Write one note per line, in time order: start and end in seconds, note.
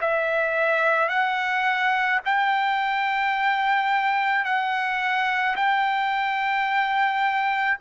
0.00 1.08 E5
1.08 2.19 F#5
2.25 4.44 G5
4.44 5.56 F#5
5.56 7.78 G5